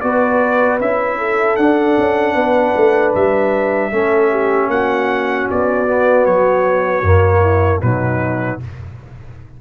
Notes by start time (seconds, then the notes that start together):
0.00 B3 F#4 B4 D5
0.80 C#4 E4 E5
1.18 A4
1.56 D4 F#5
1.98 C#4
2.34 B3 B4
2.75 A3
3.15 G3 E5
3.91 A3 C#4 A4
4.31 G4
4.68 A#3 F#4 F#5
5.50 B3 D5
5.87 B3
6.25 F#3 C#5
7.02 F#2 A#3
7.41 E4
7.81 B2 F#3 D#4 B4